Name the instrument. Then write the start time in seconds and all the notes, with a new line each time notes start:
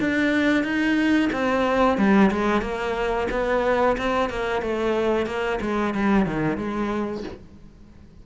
cello
0.00 D4
0.64 D#4
1.33 C4
1.98 G3
2.31 G#3
2.61 A#3
3.31 B3
3.97 C4
4.30 A#3
4.62 A3
5.26 A#3
5.61 G#3
5.94 G3
6.26 D#3
6.58 G#3